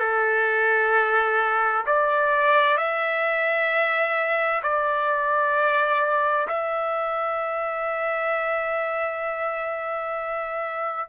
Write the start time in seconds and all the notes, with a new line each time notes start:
0.00 A4
1.86 D5
2.77 E5
4.63 D5
6.48 E5